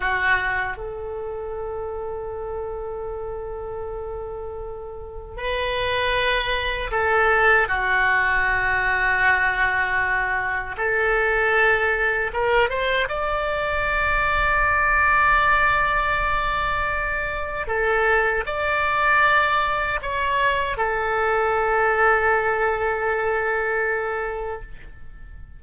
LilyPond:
\new Staff \with { instrumentName = "oboe" } { \time 4/4 \tempo 4 = 78 fis'4 a'2.~ | a'2. b'4~ | b'4 a'4 fis'2~ | fis'2 a'2 |
ais'8 c''8 d''2.~ | d''2. a'4 | d''2 cis''4 a'4~ | a'1 | }